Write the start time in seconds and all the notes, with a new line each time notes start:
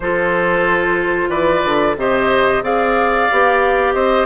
0.00 F3 F4 A4 C5
1.28 E3 B4 D5
1.64 D3
1.96 C3 G4 C5 D#5
2.62 C4 G#4 D5 F5
3.31 B3 G4
3.94 C4 C5 D#5